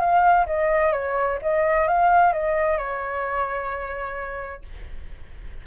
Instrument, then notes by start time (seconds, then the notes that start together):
flute
0.00 F5
0.47 D#5
0.93 C#5
1.42 D#5
1.88 F5
2.33 D#5
2.78 C#5